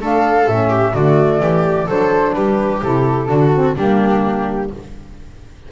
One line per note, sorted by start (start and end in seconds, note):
0.00 0.47 A3
0.00 0.47 D4
0.00 0.69 A4
0.00 0.49 F5
0.47 0.94 A2
0.47 0.95 C#4
0.47 0.95 E5
0.69 0.93 G4
0.93 1.40 D3
0.93 1.88 A3
0.93 1.40 F#4
0.93 1.89 D5
1.40 1.87 E3
1.40 1.87 G4
1.87 2.35 F#3
1.87 2.82 D4
1.87 2.34 A4
1.87 2.34 C5
2.34 2.82 G3
2.34 3.29 G4
2.34 2.81 B4
2.82 3.29 C3
2.82 3.28 E4
2.82 3.77 A4
3.28 3.76 D3
3.28 3.51 D4
3.28 3.76 F#4
3.54 3.78 C4
3.76 4.71 G3
3.76 4.72 A#3
3.76 4.69 D4
3.76 4.71 G4